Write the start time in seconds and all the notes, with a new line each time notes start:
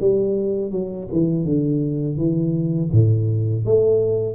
0.00 G3
0.71 F#3
1.12 E3
1.45 D3
2.17 E3
2.92 A2
3.65 A3